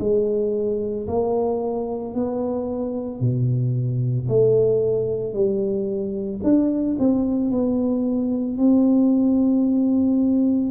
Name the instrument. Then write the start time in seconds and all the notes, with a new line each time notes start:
tuba
0.00 G#3
1.08 A#3
2.14 B3
3.20 B2
4.29 A3
5.33 G3
6.43 D4
6.99 C4
7.51 B3
8.58 C4